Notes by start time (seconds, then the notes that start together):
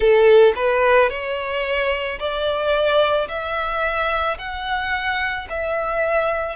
0.00 A4
0.55 B4
1.09 C#5
2.19 D5
3.28 E5
4.38 F#5
5.49 E5